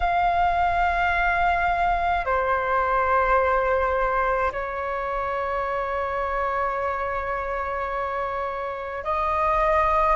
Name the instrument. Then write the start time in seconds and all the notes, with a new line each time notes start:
flute
0.00 F5
2.25 C5
4.51 C#5
9.04 D#5